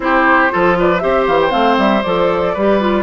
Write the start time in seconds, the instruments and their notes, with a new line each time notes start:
0.00 bassoon C4, clarinet E4, oboe G4, flute C5
0.50 bassoon F3, clarinet F4, oboe A4
0.79 oboe B4, flute D5
0.98 bassoon C4, clarinet G4, oboe C5, flute E5
1.27 bassoon E3, flute F5
1.41 flute G5
1.50 bassoon A3, clarinet C4, flute F5
1.77 bassoon G3, flute E5
2.02 bassoon F3, clarinet A4, flute D5
2.53 bassoon G3, clarinet G4, oboe B4
2.80 clarinet F4